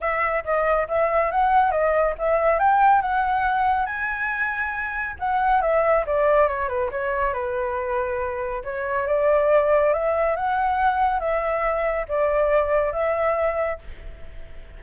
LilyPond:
\new Staff \with { instrumentName = "flute" } { \time 4/4 \tempo 4 = 139 e''4 dis''4 e''4 fis''4 | dis''4 e''4 g''4 fis''4~ | fis''4 gis''2. | fis''4 e''4 d''4 cis''8 b'8 |
cis''4 b'2. | cis''4 d''2 e''4 | fis''2 e''2 | d''2 e''2 | }